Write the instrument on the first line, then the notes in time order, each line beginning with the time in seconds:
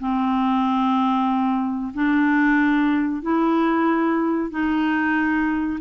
clarinet
0.00 C4
1.94 D4
3.22 E4
4.51 D#4